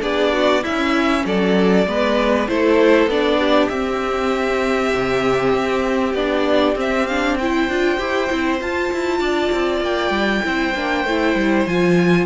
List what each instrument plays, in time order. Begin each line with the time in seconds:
0.00 cello B3, viola D4, violin G#4 D5
0.32 violin F#4
0.62 viola C#4, cello C#4, violin E4 E5
1.25 cello F#3, violin A4 D5
1.86 cello G#3, viola B3, violin B4
2.48 cello A3, viola E4, violin A4 C5
3.06 cello B3, viola D4, violin D5
3.39 violin G4
3.68 cello C4, viola C4, violin E5
4.94 cello C3
5.53 cello C4
6.13 cello B3, viola D4, violin D5
6.75 viola C4, cello C4, violin E5
7.06 viola D4, violin F5
7.37 viola E4, violin C5 G5
7.68 cello D4, viola F4
7.98 cello E4, viola G4
8.29 cello C4, viola E4
8.59 viola F4, cello F4, violin A5
8.92 cello E4
9.19 cello D4, violin D5
9.52 cello C4
9.81 cello A#3, violin G5
10.10 cello G3
10.42 cello C4, viola E4, violin C5
10.73 cello A#3, viola D4
11.04 cello A3, viola E4
11.35 cello G3
11.66 cello F3, viola F4, violin G#5